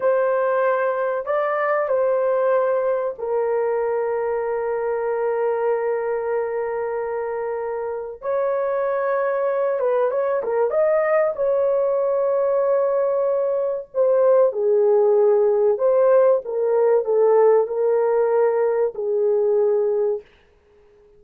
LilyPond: \new Staff \with { instrumentName = "horn" } { \time 4/4 \tempo 4 = 95 c''2 d''4 c''4~ | c''4 ais'2.~ | ais'1~ | ais'4 cis''2~ cis''8 b'8 |
cis''8 ais'8 dis''4 cis''2~ | cis''2 c''4 gis'4~ | gis'4 c''4 ais'4 a'4 | ais'2 gis'2 | }